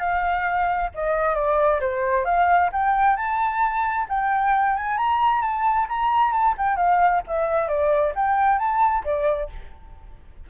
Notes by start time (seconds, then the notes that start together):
0.00 F5
0.95 D#5
1.35 D5
1.81 C5
2.25 F5
2.73 G5
3.17 A5
4.09 G5
4.76 G#5
4.98 A#5
5.42 A5
5.89 A#5
6.33 A5
6.58 G5
6.76 F5
7.27 E5
7.68 D5
8.15 G5
8.59 A5
9.05 D5